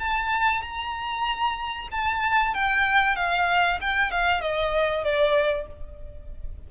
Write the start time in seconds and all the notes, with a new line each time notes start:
0.00 A5
0.62 A#5
1.92 A5
2.55 G5
3.16 F5
3.82 G5
4.12 F5
4.42 D#5
5.04 D5